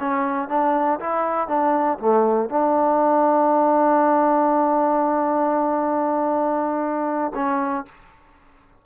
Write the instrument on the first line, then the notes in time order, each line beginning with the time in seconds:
trombone
0.00 C#4
0.49 D4
1.00 E4
1.48 D4
1.99 A3
2.50 D4
7.35 C#4